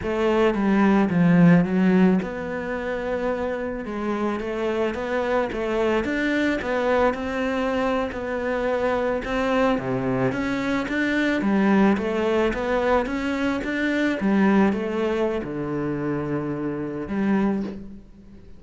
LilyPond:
\new Staff \with { instrumentName = "cello" } { \time 4/4 \tempo 4 = 109 a4 g4 f4 fis4 | b2. gis4 | a4 b4 a4 d'4 | b4 c'4.~ c'16 b4~ b16~ |
b8. c'4 c4 cis'4 d'16~ | d'8. g4 a4 b4 cis'16~ | cis'8. d'4 g4 a4~ a16 | d2. g4 | }